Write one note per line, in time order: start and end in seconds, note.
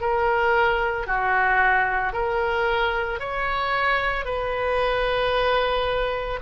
0.00 1.06 A#4
1.06 2.12 F#4
2.12 3.19 A#4
3.19 4.25 C#5
4.25 6.39 B4